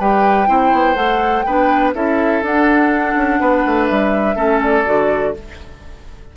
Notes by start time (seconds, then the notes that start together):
0.00 G3 G4 B4 G5
0.47 C4 E4 C5
0.73 B3
0.96 A3 A4 F#5
1.43 B3 D4 B4 G5
1.94 C#4 E4 A4 E5
2.42 D4 F#5
3.16 C#4
3.40 B3 B4
3.66 A3
3.88 G3 E5
4.36 A3 C#4 A4
4.63 D5
4.86 D3 F#4